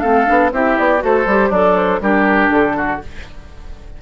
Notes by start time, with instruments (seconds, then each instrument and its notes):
0.00 bassoon A3, clarinet C4, oboe A4, flute F5
0.25 bassoon B3, clarinet D4
0.51 bassoon C4, clarinet E4, oboe G4, flute E5
0.78 bassoon B3, flute D5
0.99 bassoon A3, clarinet F#4, oboe A4, flute C5
1.26 bassoon G3, clarinet G4
1.49 bassoon F#3, oboe D4, clarinet A4, flute D5
1.76 flute C5
2.00 bassoon G3, clarinet D4, oboe G4, flute A#4
2.49 bassoon D3, flute A4
2.76 oboe F#4